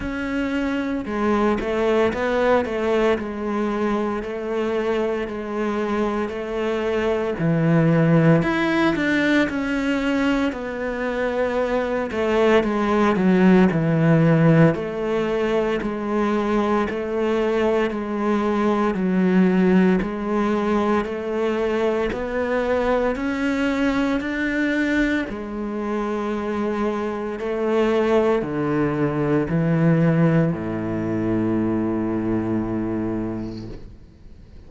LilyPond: \new Staff \with { instrumentName = "cello" } { \time 4/4 \tempo 4 = 57 cis'4 gis8 a8 b8 a8 gis4 | a4 gis4 a4 e4 | e'8 d'8 cis'4 b4. a8 | gis8 fis8 e4 a4 gis4 |
a4 gis4 fis4 gis4 | a4 b4 cis'4 d'4 | gis2 a4 d4 | e4 a,2. | }